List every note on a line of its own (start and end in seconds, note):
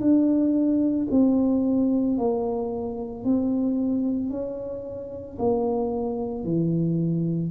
0.00 1.07 D4
1.11 2.18 C4
2.18 3.24 A#3
3.24 4.30 C4
4.30 5.37 C#4
5.38 6.44 A#3
6.44 7.51 E3